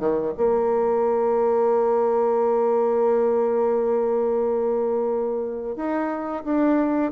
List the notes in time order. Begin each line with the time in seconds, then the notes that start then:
0.00 D#3
0.38 A#3
5.77 D#4
6.45 D4